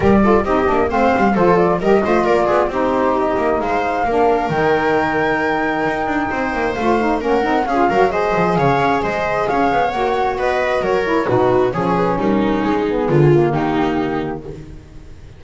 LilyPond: <<
  \new Staff \with { instrumentName = "flute" } { \time 4/4 \tempo 4 = 133 d''4 dis''4 f''4 c''8 d''8 | dis''4 d''4 c''4 dis''4 | f''2 g''2~ | g''2. f''4 |
fis''4 f''4 dis''4 f''4 | dis''4 f''4 fis''4 dis''4 | cis''4 b'4 cis''8 b'8 ais'4 | gis'2 g'2 | }
  \new Staff \with { instrumentName = "viola" } { \time 4/4 ais'8 a'8 g'4 c''4 a'4 | ais'8 c''8 ais'8 gis'8 g'2 | c''4 ais'2.~ | ais'2 c''2 |
ais'4 gis'8 ais'8 c''4 cis''4 | c''4 cis''2 b'4 | ais'4 fis'4 gis'4 dis'4~ | dis'4 f'4 dis'2 | }
  \new Staff \with { instrumentName = "saxophone" } { \time 4/4 g'8 f'8 dis'8 d'8 c'4 f'4 | g'8 f'4. dis'2~ | dis'4 d'4 dis'2~ | dis'2. f'8 dis'8 |
cis'8 dis'8 f'8 fis'8 gis'2~ | gis'2 fis'2~ | fis'8 e'8 dis'4 cis'2~ | cis'8 b4 ais2~ ais8 | }
  \new Staff \with { instrumentName = "double bass" } { \time 4/4 g4 c'8 ais8 a8 g8 f4 | g8 a8 ais8 b8 c'4. ais8 | gis4 ais4 dis2~ | dis4 dis'8 d'8 c'8 ais8 a4 |
ais8 c'8 cis'8 fis4 f8 cis8 cis'8 | gis4 cis'8 b8 ais4 b4 | fis4 b,4 f4 g4 | gis4 d4 dis2 | }
>>